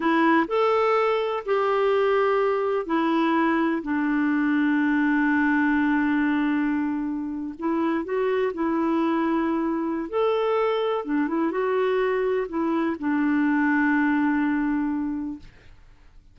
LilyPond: \new Staff \with { instrumentName = "clarinet" } { \time 4/4 \tempo 4 = 125 e'4 a'2 g'4~ | g'2 e'2 | d'1~ | d'2.~ d'8. e'16~ |
e'8. fis'4 e'2~ e'16~ | e'4 a'2 d'8 e'8 | fis'2 e'4 d'4~ | d'1 | }